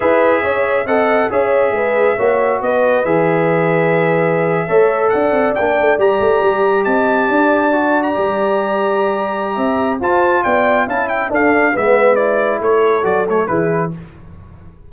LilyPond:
<<
  \new Staff \with { instrumentName = "trumpet" } { \time 4/4 \tempo 4 = 138 e''2 fis''4 e''4~ | e''2 dis''4 e''4~ | e''2.~ e''8. fis''16~ | fis''8. g''4 ais''2 a''16~ |
a''2~ a''8 ais''4.~ | ais''2. a''4 | g''4 a''8 g''8 f''4 e''4 | d''4 cis''4 d''8 cis''8 b'4 | }
  \new Staff \with { instrumentName = "horn" } { \time 4/4 b'4 cis''4 dis''4 cis''4 | b'4 cis''4 b'2~ | b'2~ b'8. cis''4 d''16~ | d''2.~ d''8. dis''16~ |
dis''8. d''2.~ d''16~ | d''2 e''4 c''4 | d''4 f''8 e''8 a'4 b'4~ | b'4 a'2 gis'4 | }
  \new Staff \with { instrumentName = "trombone" } { \time 4/4 gis'2 a'4 gis'4~ | gis'4 fis'2 gis'4~ | gis'2~ gis'8. a'4~ a'16~ | a'8. d'4 g'2~ g'16~ |
g'4.~ g'16 fis'4 g'4~ g'16~ | g'2. f'4~ | f'4 e'4 d'4 b4 | e'2 fis'8 a8 e'4 | }
  \new Staff \with { instrumentName = "tuba" } { \time 4/4 e'4 cis'4 c'4 cis'4 | gis4 ais4 b4 e4~ | e2~ e8. a4 d'16~ | d'16 c'8 ais8 a8 g8 a8 g4 c'16~ |
c'8. d'2 g4~ g16~ | g2 c'4 f'4 | b4 cis'4 d'4 gis4~ | gis4 a4 fis4 e4 | }
>>